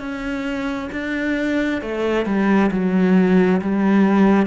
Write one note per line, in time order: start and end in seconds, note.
0.00 0.90 C#4
0.92 1.82 D4
1.82 2.26 A3
2.26 2.71 G3
2.72 3.61 F#3
3.61 4.47 G3